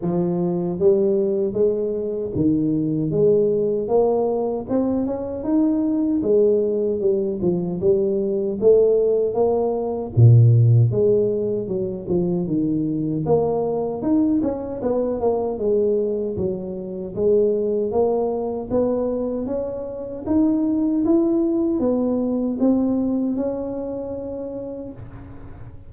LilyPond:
\new Staff \with { instrumentName = "tuba" } { \time 4/4 \tempo 4 = 77 f4 g4 gis4 dis4 | gis4 ais4 c'8 cis'8 dis'4 | gis4 g8 f8 g4 a4 | ais4 ais,4 gis4 fis8 f8 |
dis4 ais4 dis'8 cis'8 b8 ais8 | gis4 fis4 gis4 ais4 | b4 cis'4 dis'4 e'4 | b4 c'4 cis'2 | }